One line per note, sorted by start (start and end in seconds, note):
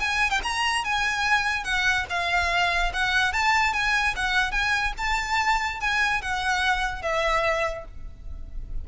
0.00 0.30 G#5
0.30 0.41 G5
0.43 0.84 A#5
0.84 1.64 G#5
1.64 2.05 F#5
2.10 2.92 F5
2.93 3.33 F#5
3.33 3.73 A5
3.73 4.14 G#5
4.16 4.51 F#5
4.51 4.93 G#5
4.98 5.80 A5
5.80 6.22 G#5
6.22 7.02 F#5
7.02 7.85 E5